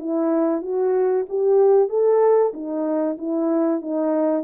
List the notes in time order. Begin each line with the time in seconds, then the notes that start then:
0.00 E4
0.62 F#4
1.29 G4
1.89 A4
2.54 D#4
3.18 E4
3.82 D#4